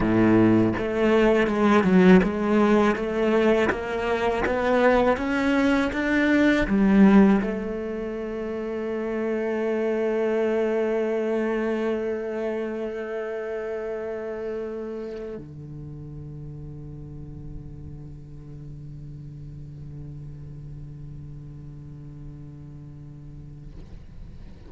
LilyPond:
\new Staff \with { instrumentName = "cello" } { \time 4/4 \tempo 4 = 81 a,4 a4 gis8 fis8 gis4 | a4 ais4 b4 cis'4 | d'4 g4 a2~ | a1~ |
a1~ | a8. d2.~ d16~ | d1~ | d1 | }